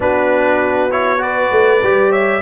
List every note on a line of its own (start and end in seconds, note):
0.00 1.49 B3
0.00 0.90 D4
0.00 1.21 F#4
0.00 0.91 B4
0.90 1.18 E4
0.90 1.22 C#5
1.18 1.79 F#4
1.18 2.10 B4
1.18 2.12 D5
1.51 1.81 A3
1.82 2.42 G3
1.82 2.42 G4
2.10 2.40 C#5
2.10 2.42 E5